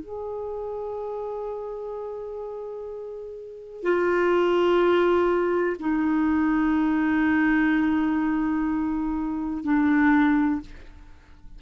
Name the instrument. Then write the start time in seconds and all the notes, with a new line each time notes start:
clarinet
0.00 G#4
3.83 F4
5.79 D#4
9.64 D4